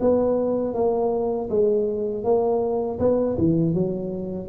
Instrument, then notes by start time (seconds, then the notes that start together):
tuba
0.00 B3
0.74 A#3
1.49 G#3
2.24 A#3
2.99 B3
3.38 E3
3.74 F#3